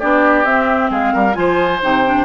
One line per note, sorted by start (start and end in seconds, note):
0.00 0.45 B3
0.00 0.46 D4
0.00 0.91 G4
0.00 0.45 D5
0.45 0.91 C4
0.45 1.34 C4
0.45 0.91 E5
0.91 1.13 G#3
0.91 1.14 G#4
0.91 1.35 F5
1.14 1.37 G3
1.14 1.37 A#4
1.34 1.82 F3
1.34 1.79 F4
1.34 2.25 C5
1.34 1.81 G#5
1.82 2.25 C3
1.82 2.05 D#4
1.82 2.25 G5
2.05 2.25 D4